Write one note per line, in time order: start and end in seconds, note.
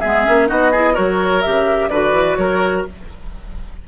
0.00 0.27 G#3
0.00 0.25 B3
0.00 0.48 G#4
0.00 0.48 E5
0.25 0.50 A#3
0.25 0.47 C#4
0.47 0.97 B3
0.47 0.71 D#4
0.47 0.71 F#4
0.47 0.95 D#5
0.71 0.94 E4
0.71 0.93 G#4
0.93 1.45 F#3
0.93 1.41 F#4
0.93 1.89 A#4
0.93 1.42 C#5
1.42 1.89 C#3
1.42 1.91 G4
1.42 1.88 E5
1.88 2.11 D3
1.88 2.87 F#4
1.88 2.38 B4
1.88 2.35 D5
2.11 2.35 E3
2.35 2.85 F#3
2.35 2.87 A#4
2.35 2.83 C#5